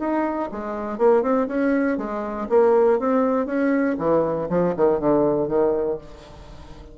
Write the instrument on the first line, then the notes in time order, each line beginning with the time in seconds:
bassoon
0.00 D#4
0.52 G#3
0.98 A#3
1.22 C4
1.48 C#4
1.98 G#3
2.50 A#3
3.00 C4
3.46 C#4
3.99 E3
4.50 F3
4.77 D#3
5.00 D3
5.48 D#3